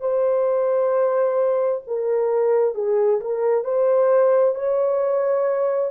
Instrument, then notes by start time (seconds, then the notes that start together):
horn
0.00 C5
1.87 A#4
2.75 G#4
3.21 A#4
3.64 C5
4.55 C#5